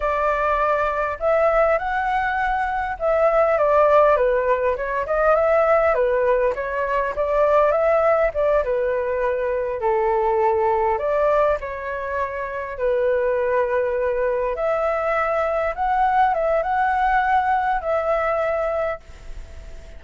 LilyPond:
\new Staff \with { instrumentName = "flute" } { \time 4/4 \tempo 4 = 101 d''2 e''4 fis''4~ | fis''4 e''4 d''4 b'4 | cis''8 dis''8 e''4 b'4 cis''4 | d''4 e''4 d''8 b'4.~ |
b'8 a'2 d''4 cis''8~ | cis''4. b'2~ b'8~ | b'8 e''2 fis''4 e''8 | fis''2 e''2 | }